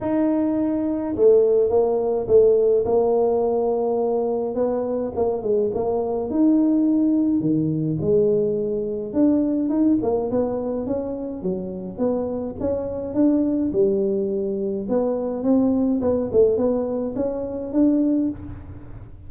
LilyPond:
\new Staff \with { instrumentName = "tuba" } { \time 4/4 \tempo 4 = 105 dis'2 a4 ais4 | a4 ais2. | b4 ais8 gis8 ais4 dis'4~ | dis'4 dis4 gis2 |
d'4 dis'8 ais8 b4 cis'4 | fis4 b4 cis'4 d'4 | g2 b4 c'4 | b8 a8 b4 cis'4 d'4 | }